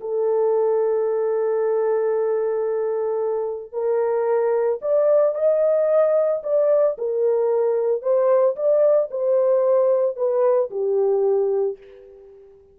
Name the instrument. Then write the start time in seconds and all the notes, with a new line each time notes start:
horn
0.00 A4
3.72 A#4
4.81 D5
5.34 D#5
6.43 D5
6.98 A#4
8.02 C5
8.55 D5
9.10 C5
10.16 B4
10.70 G4